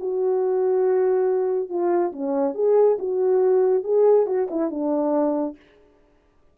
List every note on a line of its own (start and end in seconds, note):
0.00 1.70 F#4
1.70 2.13 F4
2.13 2.55 C#4
2.55 2.98 G#4
2.99 3.84 F#4
3.84 4.27 G#4
4.27 4.48 F#4
4.51 4.71 E4
4.71 5.57 D4